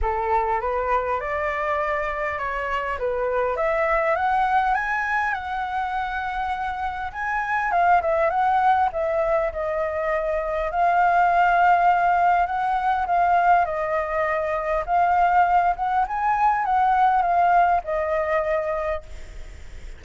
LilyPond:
\new Staff \with { instrumentName = "flute" } { \time 4/4 \tempo 4 = 101 a'4 b'4 d''2 | cis''4 b'4 e''4 fis''4 | gis''4 fis''2. | gis''4 f''8 e''8 fis''4 e''4 |
dis''2 f''2~ | f''4 fis''4 f''4 dis''4~ | dis''4 f''4. fis''8 gis''4 | fis''4 f''4 dis''2 | }